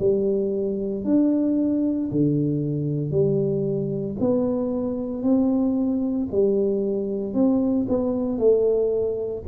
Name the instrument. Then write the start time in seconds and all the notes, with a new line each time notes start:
tuba
0.00 G3
1.05 D4
2.11 D3
3.11 G3
4.20 B3
5.23 C4
6.32 G3
7.34 C4
7.89 B3
8.39 A3